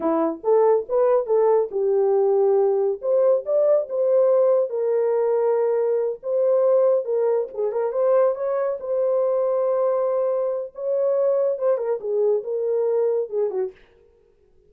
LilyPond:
\new Staff \with { instrumentName = "horn" } { \time 4/4 \tempo 4 = 140 e'4 a'4 b'4 a'4 | g'2. c''4 | d''4 c''2 ais'4~ | ais'2~ ais'8 c''4.~ |
c''8 ais'4 gis'8 ais'8 c''4 cis''8~ | cis''8 c''2.~ c''8~ | c''4 cis''2 c''8 ais'8 | gis'4 ais'2 gis'8 fis'8 | }